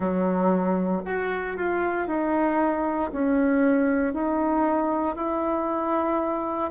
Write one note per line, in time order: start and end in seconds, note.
0.00 1.02 F#3
1.05 1.56 F#4
1.56 2.07 F4
2.07 3.10 D#4
3.12 4.13 C#4
4.13 5.15 D#4
5.15 6.70 E4